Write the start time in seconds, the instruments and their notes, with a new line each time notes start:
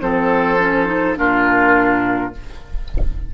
0.00 bassoon F3, clarinet C4, oboe A4, flute C5
0.59 clarinet C#4
0.86 clarinet D#4
1.16 bassoon A#2, clarinet D4, oboe F4, flute A#4